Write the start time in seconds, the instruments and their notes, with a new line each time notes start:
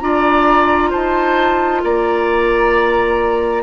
0.00 bassoon D4, clarinet F4, oboe D5, flute A#5
0.90 bassoon D#4, oboe C5, flute A5
1.84 bassoon A#3, oboe D5, flute A#5